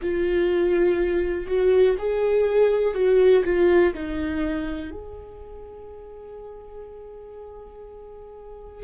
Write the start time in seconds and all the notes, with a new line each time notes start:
0.01 F4
1.47 F#4
1.98 G#4
2.94 F#4
3.44 F4
3.93 D#4
4.91 G#4